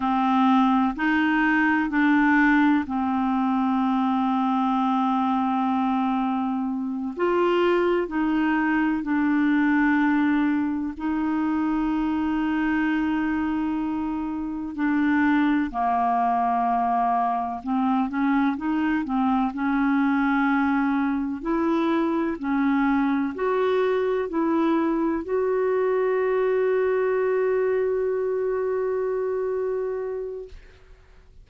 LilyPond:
\new Staff \with { instrumentName = "clarinet" } { \time 4/4 \tempo 4 = 63 c'4 dis'4 d'4 c'4~ | c'2.~ c'8 f'8~ | f'8 dis'4 d'2 dis'8~ | dis'2.~ dis'8 d'8~ |
d'8 ais2 c'8 cis'8 dis'8 | c'8 cis'2 e'4 cis'8~ | cis'8 fis'4 e'4 fis'4.~ | fis'1 | }